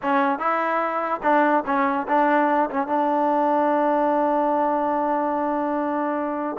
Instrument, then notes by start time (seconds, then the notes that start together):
trombone
0.02 C#4
0.38 E4
1.22 D4
1.66 C#4
2.08 D4
2.70 C#4
2.87 D4